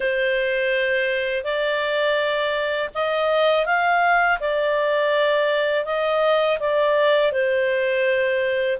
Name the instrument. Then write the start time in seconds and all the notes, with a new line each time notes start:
clarinet
0.00 C5
1.43 D5
2.94 D#5
3.65 F5
4.40 D5
5.85 D#5
6.59 D5
7.31 C5